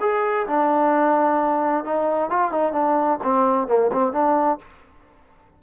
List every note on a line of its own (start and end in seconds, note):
0.00 0.46 G#4
0.47 1.84 D4
1.84 2.30 D#4
2.30 2.51 F4
2.51 2.72 D#4
2.72 3.18 D4
3.23 3.67 C4
3.67 3.90 A#3
3.92 4.12 C4
4.12 4.58 D4